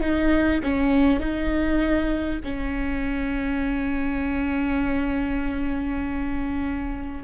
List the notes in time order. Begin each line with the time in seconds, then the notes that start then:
0.00 D#4
0.63 C#4
1.19 D#4
2.44 C#4